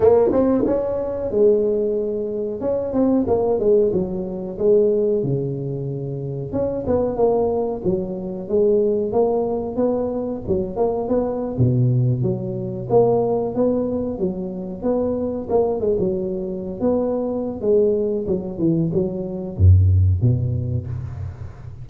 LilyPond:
\new Staff \with { instrumentName = "tuba" } { \time 4/4 \tempo 4 = 92 ais8 c'8 cis'4 gis2 | cis'8 c'8 ais8 gis8 fis4 gis4 | cis2 cis'8 b8 ais4 | fis4 gis4 ais4 b4 |
fis8 ais8 b8. b,4 fis4 ais16~ | ais8. b4 fis4 b4 ais16~ | ais16 gis16 fis4~ fis16 b4~ b16 gis4 | fis8 e8 fis4 fis,4 b,4 | }